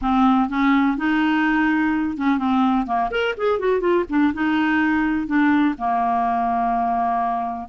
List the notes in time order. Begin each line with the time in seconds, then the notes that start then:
0.01 C4
0.49 C#4
0.97 D#4
2.17 C#4
2.38 C4
2.86 A#3
3.10 A#4
3.37 G#4
3.59 F#4
3.80 F4
4.09 D4
4.33 D#4
5.26 D4
5.78 A#3